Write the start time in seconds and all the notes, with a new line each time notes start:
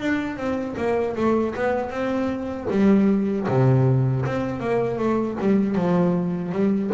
0.00 D4
0.37 C4
0.77 A#3
1.16 A3
1.55 B3
1.90 C4
2.70 G3
3.48 C3
4.26 C4
4.60 A#3
4.98 A3
5.40 G3
5.75 F3
6.52 G3